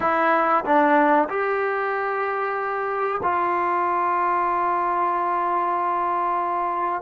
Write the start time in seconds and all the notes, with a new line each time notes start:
0.00 E4
0.64 D4
1.29 G4
3.22 F4